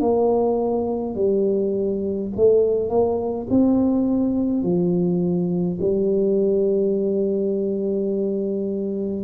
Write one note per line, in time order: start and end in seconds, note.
0.00 1.15 A#3
1.15 2.30 G3
2.36 2.89 A3
2.89 3.47 A#3
3.50 4.63 C4
4.63 5.78 F3
5.81 9.24 G3